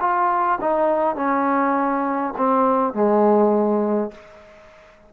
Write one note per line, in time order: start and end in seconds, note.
0.00 0.59 F4
0.61 1.16 D#4
1.16 2.33 C#4
2.37 2.94 C4
2.94 4.11 G#3